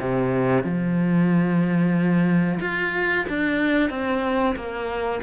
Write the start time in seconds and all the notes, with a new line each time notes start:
0.00 C3
0.64 F3
2.61 F4
3.30 D4
3.90 C4
4.56 A#3